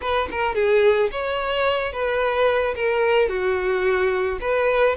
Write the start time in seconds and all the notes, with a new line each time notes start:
0.01 B4
0.31 A#4
0.55 G#4
1.11 C#5
1.92 B4
2.75 A#4
3.28 F#4
4.40 B4